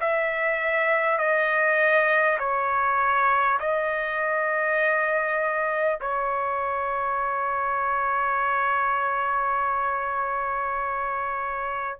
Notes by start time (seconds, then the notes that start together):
0.00 E5
1.18 D#5
2.39 C#5
3.59 D#5
6.01 C#5